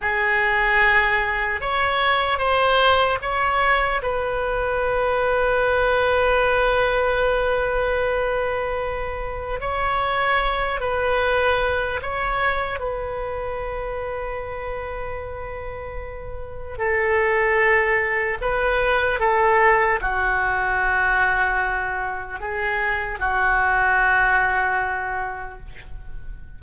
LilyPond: \new Staff \with { instrumentName = "oboe" } { \time 4/4 \tempo 4 = 75 gis'2 cis''4 c''4 | cis''4 b'2.~ | b'1 | cis''4. b'4. cis''4 |
b'1~ | b'4 a'2 b'4 | a'4 fis'2. | gis'4 fis'2. | }